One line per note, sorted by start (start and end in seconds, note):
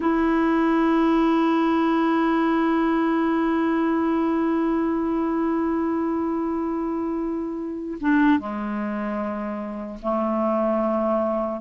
0.00 7.98 E4
8.00 8.39 D4
8.39 9.99 G#3
10.02 11.61 A3